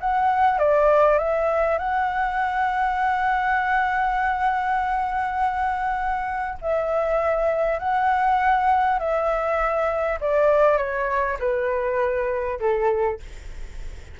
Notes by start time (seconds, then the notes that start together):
0.00 F#5
0.59 D5
1.18 E5
1.78 F#5
6.61 E5
7.79 F#5
8.99 E5
10.21 D5
10.78 C#5
11.39 B4
12.60 A4